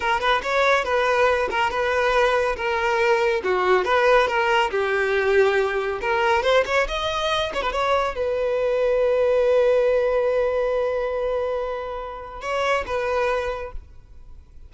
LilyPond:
\new Staff \with { instrumentName = "violin" } { \time 4/4 \tempo 4 = 140 ais'8 b'8 cis''4 b'4. ais'8 | b'2 ais'2 | fis'4 b'4 ais'4 g'4~ | g'2 ais'4 c''8 cis''8 |
dis''4. cis''16 b'16 cis''4 b'4~ | b'1~ | b'1~ | b'4 cis''4 b'2 | }